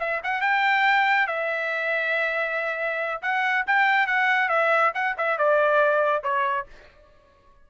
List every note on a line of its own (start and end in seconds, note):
0.00 0.22 E5
0.24 0.42 F#5
0.42 1.28 G5
1.28 3.22 E5
3.22 3.66 F#5
3.67 4.07 G5
4.07 4.49 F#5
4.49 4.92 E5
4.95 5.16 F#5
5.18 5.39 E5
5.39 6.24 D5
6.24 6.67 C#5